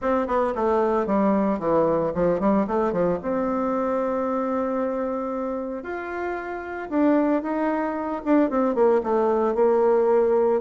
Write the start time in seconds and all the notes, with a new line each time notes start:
0.01 C4
0.27 B3
0.55 A3
1.06 G3
1.59 E3
2.14 F3
2.40 G3
2.67 A3
2.92 F3
3.22 C4
5.83 F4
6.89 D4
7.42 D#4
8.24 D4
8.50 C4
8.74 A#3
9.03 A3
9.54 A#3